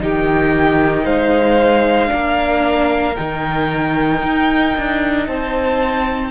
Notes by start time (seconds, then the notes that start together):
0.00 D#3 D#4 G4 G5
1.03 G#3 C5 F5
2.07 A#3 D4 A#4
3.16 D#3 D#4 G5
4.23 D#4
4.77 D4
5.27 C4 C5 A5